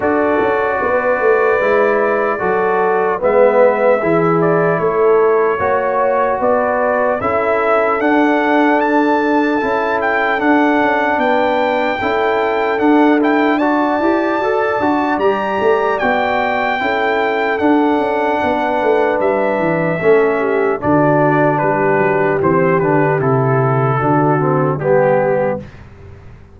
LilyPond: <<
  \new Staff \with { instrumentName = "trumpet" } { \time 4/4 \tempo 4 = 75 d''1 | e''4. d''8 cis''2 | d''4 e''4 fis''4 a''4~ | a''8 g''8 fis''4 g''2 |
fis''8 g''8 a''2 ais''4 | g''2 fis''2 | e''2 d''4 b'4 | c''8 b'8 a'2 g'4 | }
  \new Staff \with { instrumentName = "horn" } { \time 4/4 a'4 b'2 a'4 | b'4 gis'4 a'4 cis''4 | b'4 a'2.~ | a'2 b'4 a'4~ |
a'4 d''2.~ | d''4 a'2 b'4~ | b'4 a'8 g'8 fis'4 g'4~ | g'2 fis'4 g'4 | }
  \new Staff \with { instrumentName = "trombone" } { \time 4/4 fis'2 e'4 fis'4 | b4 e'2 fis'4~ | fis'4 e'4 d'2 | e'4 d'2 e'4 |
d'8 e'8 fis'8 g'8 a'8 fis'8 g'4 | fis'4 e'4 d'2~ | d'4 cis'4 d'2 | c'8 d'8 e'4 d'8 c'8 b4 | }
  \new Staff \with { instrumentName = "tuba" } { \time 4/4 d'8 cis'8 b8 a8 gis4 fis4 | gis4 e4 a4 ais4 | b4 cis'4 d'2 | cis'4 d'8 cis'8 b4 cis'4 |
d'4. e'8 fis'8 d'8 g8 a8 | b4 cis'4 d'8 cis'8 b8 a8 | g8 e8 a4 d4 g8 fis8 | e8 d8 c4 d4 g4 | }
>>